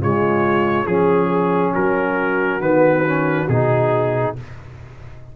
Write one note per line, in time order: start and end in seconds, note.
0.00 0.86 C#3
0.00 0.87 G#3
0.00 0.87 F4
0.00 0.87 C#5
0.86 1.73 F3
0.86 2.61 C#4
0.86 1.74 G#4
0.86 1.72 G#4
1.72 2.60 F#3
1.72 4.33 F#4
1.72 2.61 A#4
2.60 3.47 D#3
2.60 3.04 B3
2.60 3.48 B4
3.05 3.48 C#4
3.48 4.35 B2
3.48 4.36 D#4
3.48 4.36 G#4